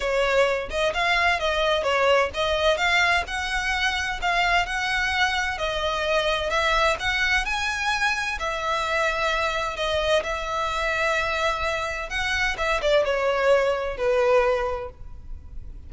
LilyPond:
\new Staff \with { instrumentName = "violin" } { \time 4/4 \tempo 4 = 129 cis''4. dis''8 f''4 dis''4 | cis''4 dis''4 f''4 fis''4~ | fis''4 f''4 fis''2 | dis''2 e''4 fis''4 |
gis''2 e''2~ | e''4 dis''4 e''2~ | e''2 fis''4 e''8 d''8 | cis''2 b'2 | }